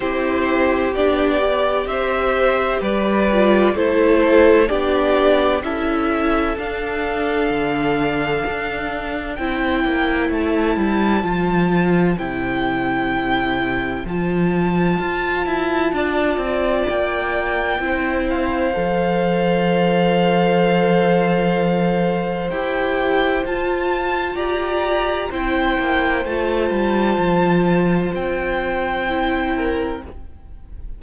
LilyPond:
<<
  \new Staff \with { instrumentName = "violin" } { \time 4/4 \tempo 4 = 64 c''4 d''4 e''4 d''4 | c''4 d''4 e''4 f''4~ | f''2 g''4 a''4~ | a''4 g''2 a''4~ |
a''2 g''4. f''8~ | f''1 | g''4 a''4 ais''4 g''4 | a''2 g''2 | }
  \new Staff \with { instrumentName = "violin" } { \time 4/4 g'2 c''4 b'4 | a'4 g'4 a'2~ | a'2 c''2~ | c''1~ |
c''4 d''2 c''4~ | c''1~ | c''2 d''4 c''4~ | c''2.~ c''8 ais'8 | }
  \new Staff \with { instrumentName = "viola" } { \time 4/4 e'4 d'8 g'2 f'8 | e'4 d'4 e'4 d'4~ | d'2 e'2 | f'4 e'2 f'4~ |
f'2. e'4 | a'1 | g'4 f'2 e'4 | f'2. e'4 | }
  \new Staff \with { instrumentName = "cello" } { \time 4/4 c'4 b4 c'4 g4 | a4 b4 cis'4 d'4 | d4 d'4 c'8 ais8 a8 g8 | f4 c2 f4 |
f'8 e'8 d'8 c'8 ais4 c'4 | f1 | e'4 f'4 g'4 c'8 ais8 | a8 g8 f4 c'2 | }
>>